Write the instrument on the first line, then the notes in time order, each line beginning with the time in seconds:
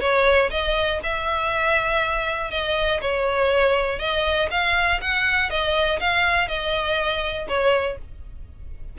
violin
0.00 C#5
0.50 D#5
1.03 E5
2.51 D#5
3.01 C#5
3.99 D#5
4.51 F5
5.01 F#5
5.50 D#5
6.00 F5
6.48 D#5
7.48 C#5